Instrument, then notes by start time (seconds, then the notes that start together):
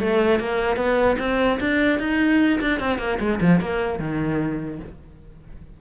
cello
0.00 A3
0.40 A#3
0.77 B3
1.19 C4
1.60 D4
1.99 D#4
2.61 D4
2.80 C4
2.99 A#3
3.20 G#3
3.41 F3
3.61 A#3
3.99 D#3